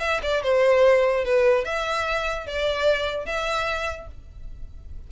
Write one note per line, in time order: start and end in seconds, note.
0.00 0.20 E5
0.22 0.43 D5
0.43 1.24 C5
1.24 1.65 B4
1.65 2.46 E5
2.46 3.26 D5
3.26 4.07 E5